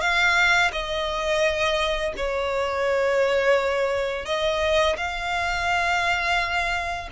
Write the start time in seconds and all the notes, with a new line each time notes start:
0.00 F5
0.72 D#5
2.16 C#5
4.25 D#5
4.97 F5